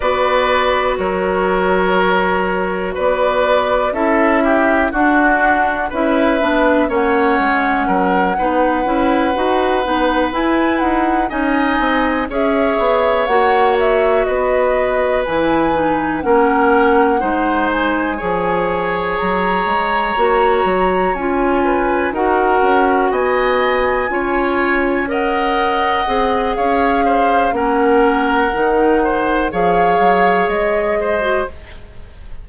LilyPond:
<<
  \new Staff \with { instrumentName = "flute" } { \time 4/4 \tempo 4 = 61 d''4 cis''2 d''4 | e''4 fis''4 e''4 fis''4~ | fis''2~ fis''8 gis''8 fis''8 gis''8~ | gis''8 e''4 fis''8 e''8 dis''4 gis''8~ |
gis''8 fis''4. gis''4. ais''8~ | ais''4. gis''4 fis''4 gis''8~ | gis''4. fis''4. f''4 | fis''2 f''4 dis''4 | }
  \new Staff \with { instrumentName = "oboe" } { \time 4/4 b'4 ais'2 b'4 | a'8 g'8 fis'4 b'4 cis''4 | ais'8 b'2. dis''8~ | dis''8 cis''2 b'4.~ |
b'8 ais'4 c''4 cis''4.~ | cis''2 b'8 ais'4 dis''8~ | dis''8 cis''4 dis''4. cis''8 c''8 | ais'4. c''8 cis''4. c''8 | }
  \new Staff \with { instrumentName = "clarinet" } { \time 4/4 fis'1 | e'4 d'4 e'8 d'8 cis'4~ | cis'8 dis'8 e'8 fis'8 dis'8 e'4 dis'8~ | dis'8 gis'4 fis'2 e'8 |
dis'8 cis'4 dis'4 gis'4.~ | gis'8 fis'4 f'4 fis'4.~ | fis'8 f'4 ais'4 gis'4. | cis'4 dis'4 gis'4.~ gis'16 fis'16 | }
  \new Staff \with { instrumentName = "bassoon" } { \time 4/4 b4 fis2 b4 | cis'4 d'4 cis'8 b8 ais8 gis8 | fis8 b8 cis'8 dis'8 b8 e'8 dis'8 cis'8 | c'8 cis'8 b8 ais4 b4 e8~ |
e8 ais4 gis4 f4 fis8 | gis8 ais8 fis8 cis'4 dis'8 cis'8 b8~ | b8 cis'2 c'8 cis'4 | ais4 dis4 f8 fis8 gis4 | }
>>